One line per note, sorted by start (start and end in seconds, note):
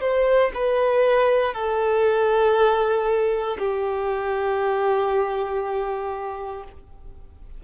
0.00 0.51 C5
0.54 1.53 B4
1.53 3.57 A4
3.58 6.63 G4